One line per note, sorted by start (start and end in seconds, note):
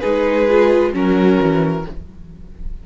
0.00 0.94 G#3
0.00 0.48 D#4
0.00 0.91 G#4
0.00 0.91 B4
0.49 0.94 F4
0.93 1.39 F#3
0.93 1.84 C#4
0.93 1.85 F#4
0.93 1.86 A#4
1.40 1.85 E3